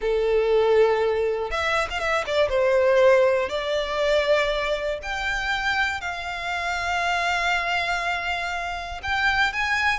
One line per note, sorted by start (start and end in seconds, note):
0.01 1.50 A4
1.50 1.88 E5
1.90 1.99 F5
1.99 2.24 E5
2.26 2.49 D5
2.49 3.49 C5
3.49 4.99 D5
5.02 6.00 G5
6.00 9.00 F5
9.03 9.52 G5
9.52 9.99 G#5